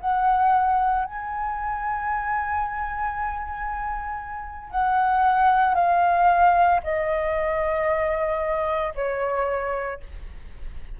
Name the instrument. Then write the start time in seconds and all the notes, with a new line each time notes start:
flute
0.00 F#5
1.05 G#5
4.70 F#5
5.75 F5
6.83 D#5
8.95 C#5